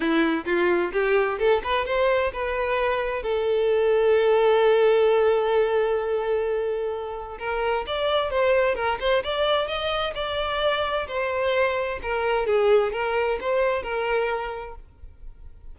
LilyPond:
\new Staff \with { instrumentName = "violin" } { \time 4/4 \tempo 4 = 130 e'4 f'4 g'4 a'8 b'8 | c''4 b'2 a'4~ | a'1~ | a'1 |
ais'4 d''4 c''4 ais'8 c''8 | d''4 dis''4 d''2 | c''2 ais'4 gis'4 | ais'4 c''4 ais'2 | }